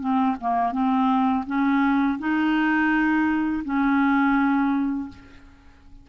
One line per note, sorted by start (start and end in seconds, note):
0.00 0.36 C4
0.41 0.72 A#3
0.72 1.45 C4
1.47 2.19 C#4
2.19 3.63 D#4
3.65 5.09 C#4